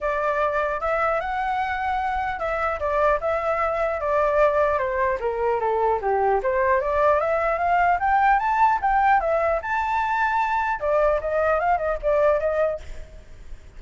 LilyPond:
\new Staff \with { instrumentName = "flute" } { \time 4/4 \tempo 4 = 150 d''2 e''4 fis''4~ | fis''2 e''4 d''4 | e''2 d''2 | c''4 ais'4 a'4 g'4 |
c''4 d''4 e''4 f''4 | g''4 a''4 g''4 e''4 | a''2. d''4 | dis''4 f''8 dis''8 d''4 dis''4 | }